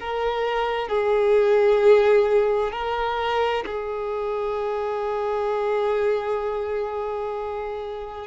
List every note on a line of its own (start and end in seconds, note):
0.00 0.89 A#4
0.89 2.72 G#4
2.72 3.65 A#4
3.66 8.27 G#4